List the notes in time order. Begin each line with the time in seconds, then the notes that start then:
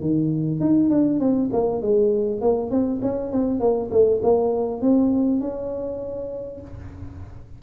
0.00 D#3
0.60 D#4
0.89 D4
1.19 C4
1.52 A#3
1.81 G#3
2.41 A#3
2.70 C4
3.02 C#4
3.31 C4
3.59 A#3
3.91 A3
4.22 A#3
4.81 C4
5.40 C#4